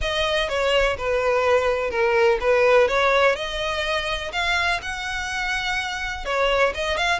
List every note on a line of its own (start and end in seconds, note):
0.01 0.48 D#5
0.48 0.96 C#5
0.97 1.90 B4
1.90 2.38 A#4
2.40 2.88 B4
2.88 3.35 C#5
3.35 4.31 D#5
4.32 4.80 F5
4.81 6.25 F#5
6.25 6.73 C#5
6.74 6.97 D#5
6.97 7.19 F5